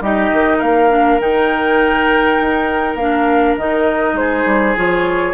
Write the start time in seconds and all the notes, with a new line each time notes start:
0.00 G3 D#4 G4 D#5
0.32 D#3
0.57 A#3 A#4 F5
0.89 D4
1.19 D#3 D#4 G5
2.41 D#4
2.94 A#3 D4 F5
3.57 D#3 D#4 D#5
4.13 G#3 C5
4.19 G#4
4.45 G3
4.76 F3 F4 C#5